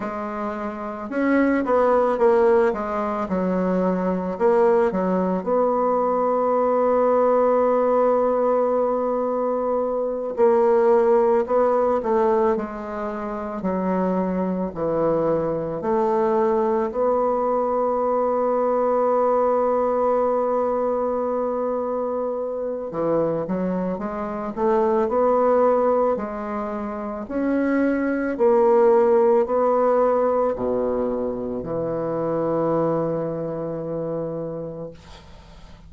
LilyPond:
\new Staff \with { instrumentName = "bassoon" } { \time 4/4 \tempo 4 = 55 gis4 cis'8 b8 ais8 gis8 fis4 | ais8 fis8 b2.~ | b4. ais4 b8 a8 gis8~ | gis8 fis4 e4 a4 b8~ |
b1~ | b4 e8 fis8 gis8 a8 b4 | gis4 cis'4 ais4 b4 | b,4 e2. | }